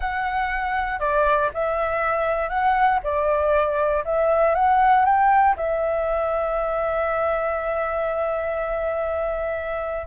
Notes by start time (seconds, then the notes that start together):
0.00 F#5
0.99 D5
1.53 E5
2.49 F#5
3.03 D5
4.04 E5
4.54 F#5
5.05 G5
5.56 E5